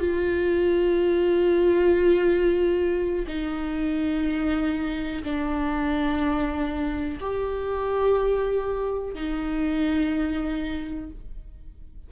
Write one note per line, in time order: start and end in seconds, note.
0.00 3.26 F4
3.28 5.23 D#4
5.24 7.19 D4
7.21 9.15 G4
9.15 11.10 D#4